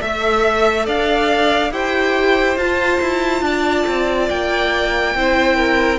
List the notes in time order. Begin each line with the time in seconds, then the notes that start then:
0.00 A3 A4 E5
0.86 D4 D5 F5
1.71 E4 G4 C5 G5
2.56 F4 A5
3.01 E4
3.42 D4 D5
3.87 C4
4.29 A#3 G5
5.15 C4 E4 C5
5.56 A#4